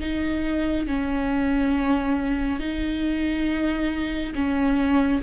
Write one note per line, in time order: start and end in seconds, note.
0.00 0.87 D#4
0.87 2.60 C#4
2.60 4.34 D#4
4.35 5.22 C#4